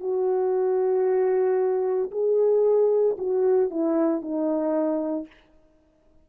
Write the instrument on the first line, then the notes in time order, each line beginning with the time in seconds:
horn
0.00 F#4
2.11 G#4
3.18 F#4
3.70 E4
4.22 D#4